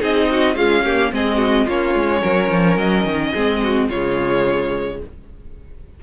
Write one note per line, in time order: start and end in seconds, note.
0.00 0.56 C4
0.00 0.55 D#4
0.00 0.29 G#4
0.00 0.56 D#5
0.31 0.55 F#4
0.55 0.83 G#3
0.55 1.11 C#4
0.55 0.83 F4
0.55 1.12 F5
0.84 1.12 A#3
0.84 1.12 G4
1.12 1.67 G#3
1.12 1.68 C4
1.12 1.37 G#4
1.12 1.69 D#5
1.37 1.65 F#4
1.65 1.95 A#3
1.65 3.36 C#4
1.65 2.21 F4
1.65 2.78 C#5
1.95 2.23 G#3
2.21 2.50 F#3
2.21 3.32 A#4
2.50 2.77 F3
2.77 3.05 F#3
2.77 3.89 D#5
3.05 3.33 D#3
3.33 3.90 G#3
3.33 3.91 C4
3.33 3.61 G#4
3.63 3.89 F#4
3.89 5.01 C#3
3.89 5.03 G#3
3.89 5.00 F4
3.89 5.01 C#5